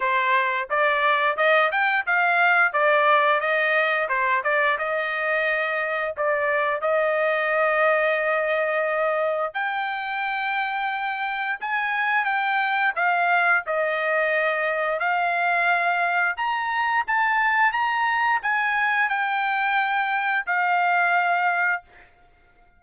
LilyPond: \new Staff \with { instrumentName = "trumpet" } { \time 4/4 \tempo 4 = 88 c''4 d''4 dis''8 g''8 f''4 | d''4 dis''4 c''8 d''8 dis''4~ | dis''4 d''4 dis''2~ | dis''2 g''2~ |
g''4 gis''4 g''4 f''4 | dis''2 f''2 | ais''4 a''4 ais''4 gis''4 | g''2 f''2 | }